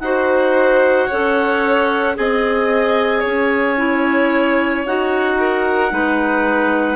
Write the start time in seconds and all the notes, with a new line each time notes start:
0.00 D#4 F#4 C5 F#5
1.07 C#4 A4 C#5
2.15 C4 G#4 D#5 G#5
3.20 C#4 C#5
3.77 E4
4.85 D#4 F#4 F#5
5.39 A#4
5.90 G#3 D#4 B4